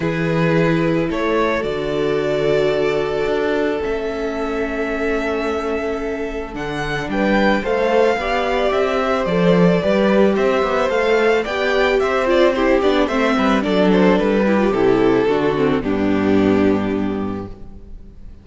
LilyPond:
<<
  \new Staff \with { instrumentName = "violin" } { \time 4/4 \tempo 4 = 110 b'2 cis''4 d''4~ | d''2. e''4~ | e''1 | fis''4 g''4 f''2 |
e''4 d''2 e''4 | f''4 g''4 e''8 d''8 c''8 d''8 | e''4 d''8 c''8 b'4 a'4~ | a'4 g'2. | }
  \new Staff \with { instrumentName = "violin" } { \time 4/4 gis'2 a'2~ | a'1~ | a'1~ | a'4 b'4 c''4 d''4~ |
d''8 c''4. b'4 c''4~ | c''4 d''4 c''4 g'4 | c''8 b'8 a'4. g'4. | fis'4 d'2. | }
  \new Staff \with { instrumentName = "viola" } { \time 4/4 e'2. fis'4~ | fis'2. cis'4~ | cis'1 | d'2 a'4 g'4~ |
g'4 a'4 g'2 | a'4 g'4. f'8 e'8 d'8 | c'4 d'4. e'16 f'16 e'4 | d'8 c'8 b2. | }
  \new Staff \with { instrumentName = "cello" } { \time 4/4 e2 a4 d4~ | d2 d'4 a4~ | a1 | d4 g4 a4 b4 |
c'4 f4 g4 c'8 b8 | a4 b4 c'4. b8 | a8 g8 fis4 g4 c4 | d4 g,2. | }
>>